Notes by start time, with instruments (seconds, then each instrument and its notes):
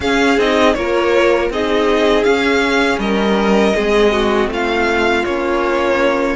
0.00 cello C#4, viola C#4, violin G#4 F5
0.38 cello C4, viola D#4, violin D#5
0.73 cello A#3, viola F4, violin A#4 C#5
1.50 cello C4, viola D#4, violin G#4 D#5
2.23 viola C#4, cello C#4, violin F5
2.98 cello G3, violin A#4 D#5
3.74 cello G#3, viola C4, violin G#4
4.12 violin F#4
4.47 cello A3, violin F4
4.53 violin F5
5.24 cello A#3, viola C#4, violin C#5